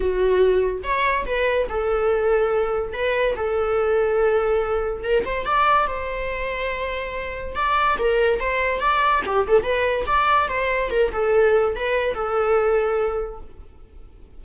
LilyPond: \new Staff \with { instrumentName = "viola" } { \time 4/4 \tempo 4 = 143 fis'2 cis''4 b'4 | a'2. b'4 | a'1 | ais'8 c''8 d''4 c''2~ |
c''2 d''4 ais'4 | c''4 d''4 g'8 a'8 b'4 | d''4 c''4 ais'8 a'4. | b'4 a'2. | }